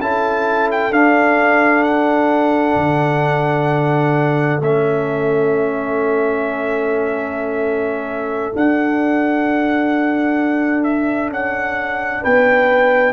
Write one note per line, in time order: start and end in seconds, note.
0.00 0.91 C#4
0.00 0.92 E4
0.00 12.22 A4
0.00 0.70 A5
0.71 0.93 G5
0.91 2.75 D4
0.91 4.62 D4
0.91 1.83 F5
1.83 4.60 F#5
2.76 4.60 D3
4.60 8.52 A3
4.60 8.53 C#4
4.60 8.55 E5
8.53 13.13 D4
8.53 11.29 D4
8.53 10.83 F#5
10.83 11.30 E5
11.29 12.22 C#4
11.29 12.24 F#5
12.22 13.13 B3
12.22 13.13 B4
12.22 13.13 G5